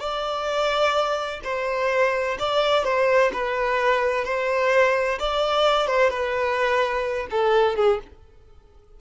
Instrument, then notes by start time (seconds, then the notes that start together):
violin
0.00 D5
1.44 C5
2.39 D5
2.85 C5
3.33 B4
4.25 C5
5.20 D5
5.87 C5
6.10 B4
7.31 A4
7.76 G#4